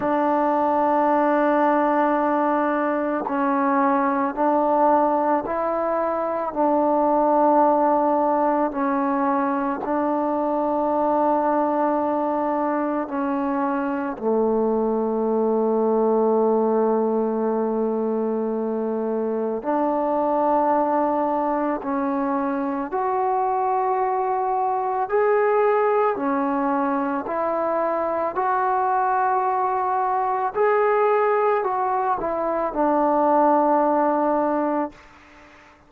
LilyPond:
\new Staff \with { instrumentName = "trombone" } { \time 4/4 \tempo 4 = 55 d'2. cis'4 | d'4 e'4 d'2 | cis'4 d'2. | cis'4 a2.~ |
a2 d'2 | cis'4 fis'2 gis'4 | cis'4 e'4 fis'2 | gis'4 fis'8 e'8 d'2 | }